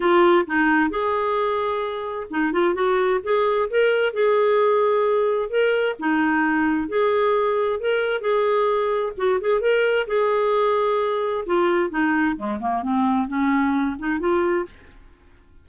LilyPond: \new Staff \with { instrumentName = "clarinet" } { \time 4/4 \tempo 4 = 131 f'4 dis'4 gis'2~ | gis'4 dis'8 f'8 fis'4 gis'4 | ais'4 gis'2. | ais'4 dis'2 gis'4~ |
gis'4 ais'4 gis'2 | fis'8 gis'8 ais'4 gis'2~ | gis'4 f'4 dis'4 gis8 ais8 | c'4 cis'4. dis'8 f'4 | }